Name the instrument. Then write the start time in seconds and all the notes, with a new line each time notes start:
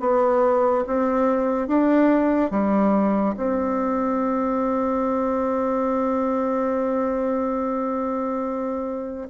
bassoon
0.00 B3
0.87 C4
1.68 D4
2.51 G3
3.37 C4